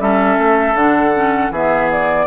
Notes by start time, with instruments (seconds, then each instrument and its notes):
0.00 bassoon G3, clarinet C#4, oboe A4, flute E5
0.39 bassoon A3
0.75 bassoon D3, clarinet D4, flute F#5
1.15 clarinet C#4
1.51 bassoon E3, clarinet B3, oboe G#4, flute E5
1.92 flute D5